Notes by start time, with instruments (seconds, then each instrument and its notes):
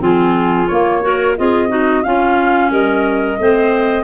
0.00 tuba F3, clarinet C4 F4, flute G#4
0.68 clarinet A#3, tuba A#3, flute C#5
1.03 clarinet F#4 A#4
1.37 tuba C4, clarinet F4 G#4, flute D#5
1.69 clarinet D#4 F#4
2.04 clarinet C#4 F4, tuba C#4, flute F5
2.71 tuba G3, clarinet A#4, flute D#5
3.39 tuba A3, clarinet C4 C5